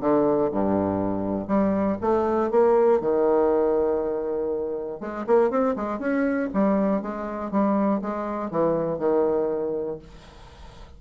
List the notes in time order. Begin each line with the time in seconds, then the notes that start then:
0.00 D3
0.51 G2
1.47 G3
2.01 A3
2.50 A#3
3.00 D#3
5.00 G#3
5.27 A#3
5.50 C4
5.75 G#3
5.99 C#4
6.53 G3
7.02 G#3
7.51 G3
8.01 G#3
8.50 E3
8.99 D#3